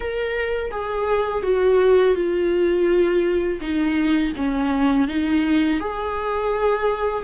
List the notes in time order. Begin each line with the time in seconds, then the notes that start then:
0.00 A#4
0.71 G#4
1.43 F#4
2.15 F4
3.60 D#4
4.36 C#4
5.08 D#4
5.80 G#4